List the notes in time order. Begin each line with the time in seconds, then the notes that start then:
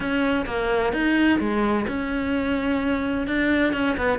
0.00 C#4
0.46 A#3
0.92 D#4
1.39 G#3
1.87 C#4
3.27 D4
3.73 C#4
3.97 B3